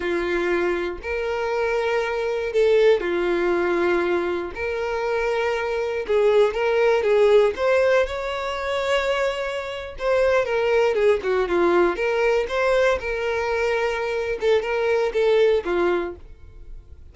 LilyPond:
\new Staff \with { instrumentName = "violin" } { \time 4/4 \tempo 4 = 119 f'2 ais'2~ | ais'4 a'4 f'2~ | f'4 ais'2. | gis'4 ais'4 gis'4 c''4 |
cis''2.~ cis''8. c''16~ | c''8. ais'4 gis'8 fis'8 f'4 ais'16~ | ais'8. c''4 ais'2~ ais'16~ | ais'8 a'8 ais'4 a'4 f'4 | }